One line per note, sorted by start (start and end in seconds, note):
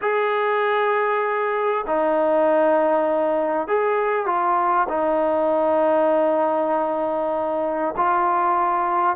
0.01 1.85 G#4
1.86 3.67 D#4
3.67 4.26 G#4
4.26 4.87 F4
4.88 7.94 D#4
7.96 9.16 F4